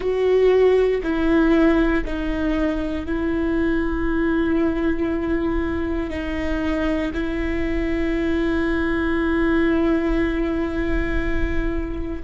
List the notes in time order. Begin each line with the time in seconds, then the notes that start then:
0.00 F#4
1.02 E4
2.05 D#4
3.05 E4
6.10 D#4
7.13 E4